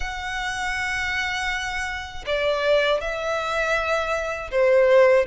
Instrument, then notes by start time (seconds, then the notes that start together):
violin
0.00 F#5
2.26 D5
3.00 E5
4.51 C5